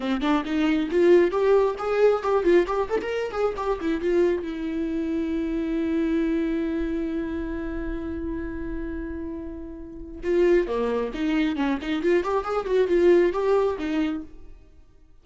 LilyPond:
\new Staff \with { instrumentName = "viola" } { \time 4/4 \tempo 4 = 135 c'8 d'8 dis'4 f'4 g'4 | gis'4 g'8 f'8 g'8 a'16 ais'8. gis'8 | g'8 e'8 f'4 e'2~ | e'1~ |
e'1~ | e'2. f'4 | ais4 dis'4 cis'8 dis'8 f'8 g'8 | gis'8 fis'8 f'4 g'4 dis'4 | }